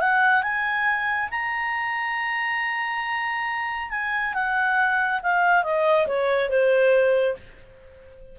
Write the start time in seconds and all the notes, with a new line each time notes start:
0.00 F#5
0.42 G#5
1.30 A#5
3.90 G#5
4.34 F#5
5.23 F5
5.63 D#5
6.07 C#5
6.49 C5